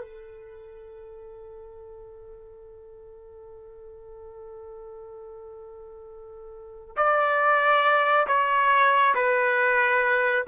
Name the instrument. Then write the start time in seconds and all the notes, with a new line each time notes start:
trumpet
0.00 A4
6.96 D5
8.27 C#5
9.14 B4